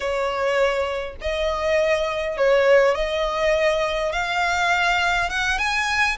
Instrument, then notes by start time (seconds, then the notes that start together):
violin
0.00 C#5
1.21 D#5
2.37 C#5
2.94 D#5
4.12 F5
5.29 F#5
5.58 G#5